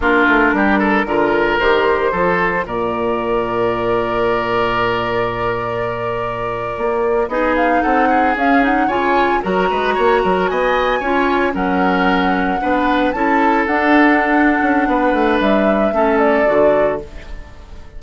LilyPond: <<
  \new Staff \with { instrumentName = "flute" } { \time 4/4 \tempo 4 = 113 ais'2. c''4~ | c''4 d''2.~ | d''1~ | d''4.~ d''16 dis''8 f''8 fis''4 f''16~ |
f''16 fis''8 gis''4 ais''2 gis''16~ | gis''4.~ gis''16 fis''2~ fis''16~ | fis''8. a''4 fis''2~ fis''16~ | fis''4 e''4. d''4. | }
  \new Staff \with { instrumentName = "oboe" } { \time 4/4 f'4 g'8 a'8 ais'2 | a'4 ais'2.~ | ais'1~ | ais'4.~ ais'16 gis'4 a'8 gis'8.~ |
gis'8. cis''4 ais'8 b'8 cis''8 ais'8 dis''16~ | dis''8. cis''4 ais'2 b'16~ | b'8. a'2.~ a'16 | b'2 a'2 | }
  \new Staff \with { instrumentName = "clarinet" } { \time 4/4 d'2 f'4 g'4 | f'1~ | f'1~ | f'4.~ f'16 dis'2 cis'16~ |
cis'16 dis'8 f'4 fis'2~ fis'16~ | fis'8. f'4 cis'2 d'16~ | d'8. e'4 d'2~ d'16~ | d'2 cis'4 fis'4 | }
  \new Staff \with { instrumentName = "bassoon" } { \time 4/4 ais8 a8 g4 d4 dis4 | f4 ais,2.~ | ais,1~ | ais,8. ais4 b4 c'4 cis'16~ |
cis'8. cis4 fis8 gis8 ais8 fis8 b16~ | b8. cis'4 fis2 b16~ | b8. cis'4 d'4.~ d'16 cis'8 | b8 a8 g4 a4 d4 | }
>>